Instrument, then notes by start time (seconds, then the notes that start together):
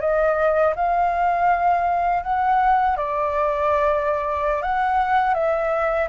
flute
0.00 D#5
0.75 F5
2.23 F#5
2.96 D5
4.62 F#5
5.34 E5